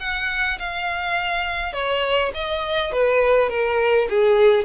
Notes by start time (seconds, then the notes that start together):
0.00 F#5
0.59 F5
1.73 C#5
2.34 D#5
2.93 B4
3.49 A#4
4.10 G#4